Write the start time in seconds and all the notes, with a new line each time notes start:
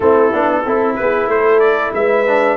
0.00 A3 C4 E4 A4
0.31 B3 D4
0.64 C4 E4 A4
0.95 B3 G#4 B4
1.27 A3 C5
1.33 A4
1.59 D5
1.92 G#3 B4 E5
2.26 D4